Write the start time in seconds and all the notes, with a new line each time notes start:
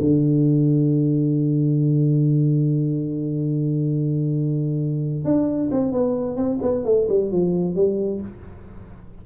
0.00 D3
5.24 D4
5.71 C4
5.92 B3
6.36 C4
6.62 B3
6.84 A3
7.09 G3
7.31 F3
7.75 G3